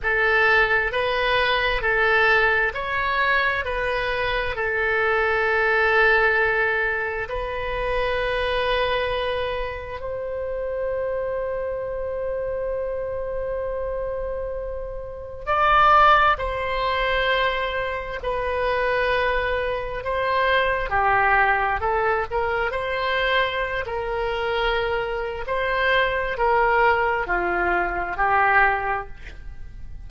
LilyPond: \new Staff \with { instrumentName = "oboe" } { \time 4/4 \tempo 4 = 66 a'4 b'4 a'4 cis''4 | b'4 a'2. | b'2. c''4~ | c''1~ |
c''4 d''4 c''2 | b'2 c''4 g'4 | a'8 ais'8 c''4~ c''16 ais'4.~ ais'16 | c''4 ais'4 f'4 g'4 | }